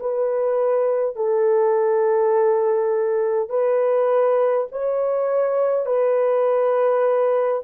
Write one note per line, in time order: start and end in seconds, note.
0.00 1.16 B4
1.16 3.49 A4
3.49 4.67 B4
4.72 5.86 C#5
5.86 7.62 B4